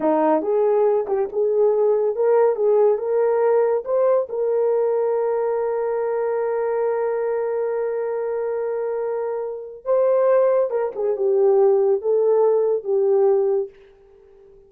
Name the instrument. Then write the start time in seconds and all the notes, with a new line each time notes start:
horn
0.00 D#4
0.41 G#4
1.07 G4
1.32 G#4
2.15 A#4
2.55 G#4
2.97 A#4
3.85 C5
4.29 A#4
9.84 C5
10.70 A#4
10.95 G#4
11.16 G4
12.01 A4
12.84 G4